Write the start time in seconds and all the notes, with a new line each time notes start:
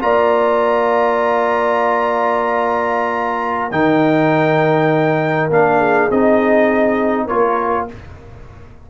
0.00 A#3 F4 D5 A#5
3.72 D#3 D#4 A#4 G5
5.50 A#3 D4 F5
5.78 G#4
6.11 C4 D#4 D#5
7.26 A#3 F4 A#4 C#5